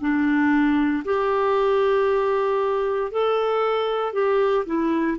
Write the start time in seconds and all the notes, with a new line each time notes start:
0.00 D4
1.04 G4
3.11 A4
4.13 G4
4.66 E4